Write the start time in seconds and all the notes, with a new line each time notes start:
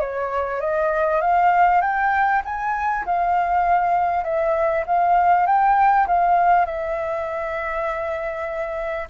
0.00 C#5
0.60 D#5
1.21 F5
1.81 G5
2.45 G#5
3.06 F5
4.24 E5
4.87 F5
5.46 G5
6.07 F5
6.66 E5